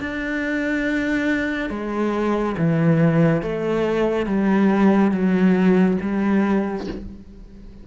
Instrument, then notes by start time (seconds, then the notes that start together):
cello
0.00 D4
1.70 G#3
2.58 E3
3.42 A3
4.26 G3
5.12 F#3
6.02 G3